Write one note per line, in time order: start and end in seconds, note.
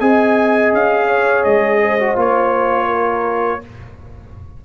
0.00 0.73 C4
0.00 1.99 G#4
0.00 1.07 D#5
0.00 0.72 G#5
0.73 1.45 C#4
0.73 1.44 F5
1.07 1.79 C#5
1.44 2.17 G#3
1.44 2.16 D#5
1.81 2.88 C5
1.99 2.16 F#4
2.16 3.61 A#3
2.16 3.60 F4
2.16 3.65 C#5
2.88 3.60 A#4